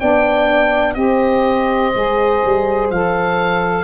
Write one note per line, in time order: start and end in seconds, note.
0.00 0.96 B3
0.00 0.95 D4
0.00 0.97 D5
0.00 0.94 G5
0.94 1.93 C4
0.94 1.92 G4
0.94 3.84 C5
0.94 2.88 D#5
1.95 2.43 G#3
1.95 2.93 G#4
2.45 2.91 G3
2.91 3.84 F3
2.91 3.84 A4
2.91 3.84 F5